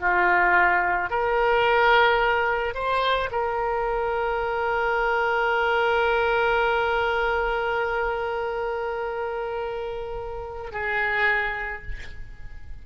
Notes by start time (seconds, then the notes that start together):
0.00 F4
1.10 A#4
2.74 C5
3.32 A#4
10.72 G#4